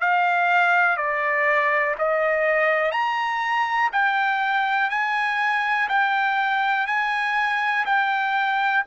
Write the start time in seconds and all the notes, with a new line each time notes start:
0.00 F5
0.97 D5
1.98 D#5
2.91 A#5
3.92 G5
4.90 G#5
5.88 G5
6.86 G#5
7.85 G5